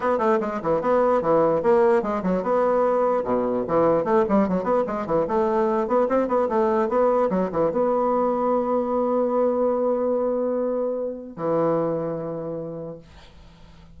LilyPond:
\new Staff \with { instrumentName = "bassoon" } { \time 4/4 \tempo 4 = 148 b8 a8 gis8 e8 b4 e4 | ais4 gis8 fis8 b2 | b,4 e4 a8 g8 fis8 b8 | gis8 e8 a4. b8 c'8 b8 |
a4 b4 fis8 e8 b4~ | b1~ | b1 | e1 | }